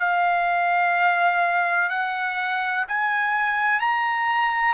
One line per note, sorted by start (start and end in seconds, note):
0.00 1.90 F5
1.90 2.85 F#5
2.89 3.81 G#5
3.81 4.74 A#5